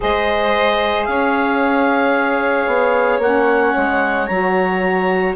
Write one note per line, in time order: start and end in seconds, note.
0.00 1.07 G#3
0.00 3.21 G#4
0.00 1.08 C5
0.00 1.04 D#5
1.04 2.67 C#4
1.04 5.35 C#5
1.04 3.19 F5
2.67 3.18 B3
3.18 3.72 A#3
3.18 4.29 C#4
3.18 4.27 F#5
3.76 4.29 G#3
4.27 5.35 F#3
4.27 5.35 F#4
4.27 5.34 A#5